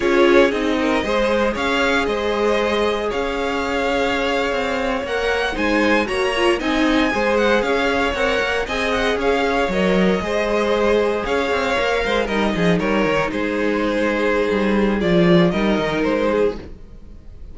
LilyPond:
<<
  \new Staff \with { instrumentName = "violin" } { \time 4/4 \tempo 4 = 116 cis''4 dis''2 f''4 | dis''2 f''2~ | f''4.~ f''16 fis''4 gis''4 ais''16~ | ais''8. gis''4. fis''8 f''4 fis''16~ |
fis''8. gis''8 fis''8 f''4 dis''4~ dis''16~ | dis''4.~ dis''16 f''2 dis''16~ | dis''8. cis''4 c''2~ c''16~ | c''4 d''4 dis''4 c''4 | }
  \new Staff \with { instrumentName = "violin" } { \time 4/4 gis'4. ais'8 c''4 cis''4 | c''2 cis''2~ | cis''2~ cis''8. c''4 cis''16~ | cis''8. dis''4 c''4 cis''4~ cis''16~ |
cis''8. dis''4 cis''2 c''16~ | c''4.~ c''16 cis''4. c''8 ais'16~ | ais'16 gis'8 ais'4 gis'2~ gis'16~ | gis'2 ais'4. gis'8 | }
  \new Staff \with { instrumentName = "viola" } { \time 4/4 f'4 dis'4 gis'2~ | gis'1~ | gis'4.~ gis'16 ais'4 dis'4 fis'16~ | fis'16 f'8 dis'4 gis'2 ais'16~ |
ais'8. gis'2 ais'4 gis'16~ | gis'2~ gis'8. ais'4 dis'16~ | dis'1~ | dis'4 f'4 dis'2 | }
  \new Staff \with { instrumentName = "cello" } { \time 4/4 cis'4 c'4 gis4 cis'4 | gis2 cis'2~ | cis'8. c'4 ais4 gis4 ais16~ | ais8. c'4 gis4 cis'4 c'16~ |
c'16 ais8 c'4 cis'4 fis4 gis16~ | gis4.~ gis16 cis'8 c'8 ais8 gis8 g16~ | g16 f8 g8 dis8 gis2~ gis16 | g4 f4 g8 dis8 gis4 | }
>>